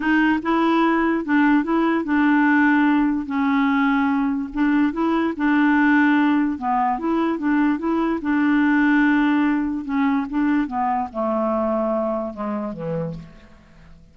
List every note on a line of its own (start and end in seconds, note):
0.00 0.39 D#4
0.42 1.24 E4
1.24 1.63 D4
1.63 2.04 E4
2.04 3.26 D4
3.26 4.49 C#4
4.53 4.92 D4
4.92 5.33 E4
5.36 6.58 D4
6.58 6.98 B3
6.98 7.38 E4
7.38 7.78 D4
7.78 8.19 E4
8.21 9.84 D4
9.84 10.26 C#4
10.29 10.67 D4
10.67 11.08 B3
11.12 12.33 A3
12.33 12.73 G#3
12.73 13.14 E3